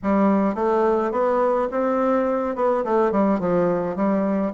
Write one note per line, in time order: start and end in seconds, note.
0.03 0.55 G3
0.55 1.11 A3
1.11 1.68 B3
1.71 2.55 C4
2.55 2.84 B3
2.84 3.11 A3
3.11 3.39 G3
3.39 3.95 F3
3.95 4.52 G3